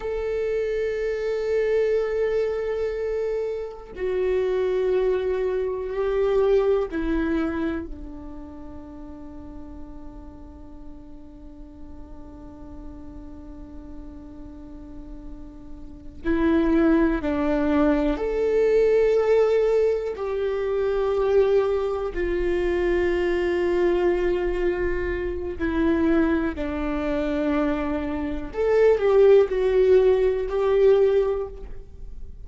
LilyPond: \new Staff \with { instrumentName = "viola" } { \time 4/4 \tempo 4 = 61 a'1 | fis'2 g'4 e'4 | d'1~ | d'1~ |
d'8 e'4 d'4 a'4.~ | a'8 g'2 f'4.~ | f'2 e'4 d'4~ | d'4 a'8 g'8 fis'4 g'4 | }